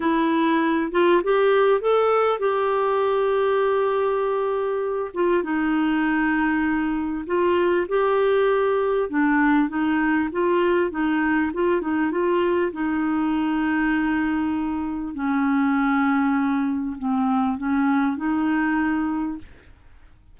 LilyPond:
\new Staff \with { instrumentName = "clarinet" } { \time 4/4 \tempo 4 = 99 e'4. f'8 g'4 a'4 | g'1~ | g'8 f'8 dis'2. | f'4 g'2 d'4 |
dis'4 f'4 dis'4 f'8 dis'8 | f'4 dis'2.~ | dis'4 cis'2. | c'4 cis'4 dis'2 | }